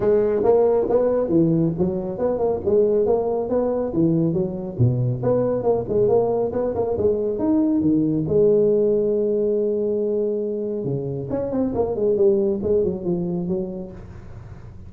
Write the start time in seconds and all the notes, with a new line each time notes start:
0.00 G#3
0.43 A#3
0.89 B3
1.28 E3
1.78 F#3
2.18 B3
2.38 A#3
2.65 G#3
3.06 A#3
3.49 B3
3.93 E3
4.33 F#3
4.78 B2
5.22 B3
5.62 A#3
5.88 G#3
6.08 A#3
6.52 B3
6.75 A#3
6.97 G#3
7.38 D#4
7.81 D#3
8.27 G#3
10.84 C#3
11.30 C#4
11.51 C4
11.75 A#3
11.95 G#3
12.16 G3
12.62 G#3
12.84 F#3
13.04 F3
13.48 F#3